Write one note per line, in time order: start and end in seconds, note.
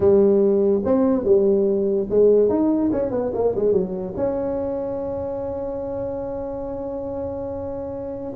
0.00 0.82 G3
0.84 1.24 C4
1.24 2.07 G3
2.09 2.49 G#3
2.49 2.91 D#4
2.92 3.11 C#4
3.11 3.31 B3
3.34 3.55 A#3
3.55 3.72 G#3
3.72 4.13 F#3
4.16 8.33 C#4